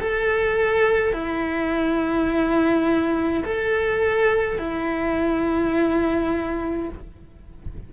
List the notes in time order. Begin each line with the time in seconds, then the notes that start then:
0.00 A4
1.13 E4
3.45 A4
4.58 E4